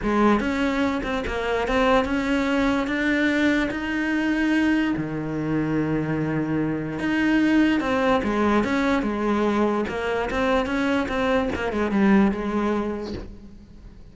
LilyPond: \new Staff \with { instrumentName = "cello" } { \time 4/4 \tempo 4 = 146 gis4 cis'4. c'8 ais4 | c'4 cis'2 d'4~ | d'4 dis'2. | dis1~ |
dis4 dis'2 c'4 | gis4 cis'4 gis2 | ais4 c'4 cis'4 c'4 | ais8 gis8 g4 gis2 | }